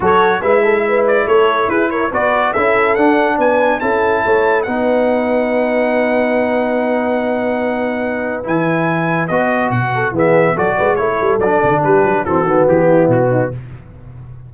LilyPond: <<
  \new Staff \with { instrumentName = "trumpet" } { \time 4/4 \tempo 4 = 142 cis''4 e''4. d''8 cis''4 | b'8 cis''8 d''4 e''4 fis''4 | gis''4 a''2 fis''4~ | fis''1~ |
fis''1 | gis''2 dis''4 fis''4 | e''4 d''4 cis''4 d''4 | b'4 a'4 g'4 fis'4 | }
  \new Staff \with { instrumentName = "horn" } { \time 4/4 a'4 b'8 a'8 b'4 a'4 | gis'8 ais'8 b'4 a'2 | b'4 a'4 cis''4 b'4~ | b'1~ |
b'1~ | b'2.~ b'8 a'8 | gis'4 a'8 b'8 a'2 | g'4 fis'4. e'4 dis'8 | }
  \new Staff \with { instrumentName = "trombone" } { \time 4/4 fis'4 e'2.~ | e'4 fis'4 e'4 d'4~ | d'4 e'2 dis'4~ | dis'1~ |
dis'1 | e'2 fis'2 | b4 fis'4 e'4 d'4~ | d'4 c'8 b2~ b8 | }
  \new Staff \with { instrumentName = "tuba" } { \time 4/4 fis4 gis2 a4 | e'4 b4 cis'4 d'4 | b4 cis'4 a4 b4~ | b1~ |
b1 | e2 b4 b,4 | e4 fis8 gis8 a8 g8 fis8 d8 | g8 fis8 e8 dis8 e4 b,4 | }
>>